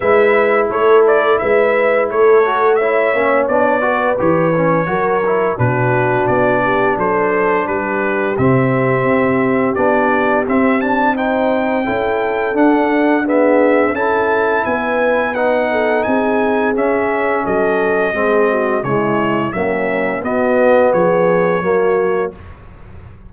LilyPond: <<
  \new Staff \with { instrumentName = "trumpet" } { \time 4/4 \tempo 4 = 86 e''4 cis''8 d''8 e''4 cis''4 | e''4 d''4 cis''2 | b'4 d''4 c''4 b'4 | e''2 d''4 e''8 a''8 |
g''2 fis''4 e''4 | a''4 gis''4 fis''4 gis''4 | e''4 dis''2 cis''4 | e''4 dis''4 cis''2 | }
  \new Staff \with { instrumentName = "horn" } { \time 4/4 b'4 a'4 b'4 a'4 | cis''4. b'4. ais'4 | fis'4. g'8 a'4 g'4~ | g'1 |
c''4 a'2 gis'4 | a'4 b'4. a'8 gis'4~ | gis'4 a'4 gis'8 fis'8 e'4 | cis'4 fis'4 gis'4 fis'4 | }
  \new Staff \with { instrumentName = "trombone" } { \time 4/4 e'2.~ e'8 fis'8 | e'8 cis'8 d'8 fis'8 g'8 cis'8 fis'8 e'8 | d'1 | c'2 d'4 c'8 d'8 |
dis'4 e'4 d'4 b4 | e'2 dis'2 | cis'2 c'4 gis4 | fis4 b2 ais4 | }
  \new Staff \with { instrumentName = "tuba" } { \time 4/4 gis4 a4 gis4 a4~ | a8 ais8 b4 e4 fis4 | b,4 b4 fis4 g4 | c4 c'4 b4 c'4~ |
c'4 cis'4 d'2 | cis'4 b2 c'4 | cis'4 fis4 gis4 cis4 | ais4 b4 f4 fis4 | }
>>